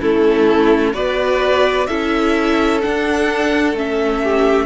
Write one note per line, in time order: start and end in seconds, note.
0.00 0.93 A3
0.00 0.94 C#4
0.00 0.94 E4
0.00 0.94 A4
0.93 1.87 B3
0.93 1.88 F#4
0.93 1.88 B4
0.93 1.87 D5
1.87 2.83 C#4
1.87 2.82 E4
1.87 4.22 A4
1.87 2.80 E5
2.82 3.75 D4
2.82 3.73 D4
2.82 3.75 F#5
3.73 4.66 A3
3.73 4.66 C#4
3.73 4.66 E5
4.23 4.66 G4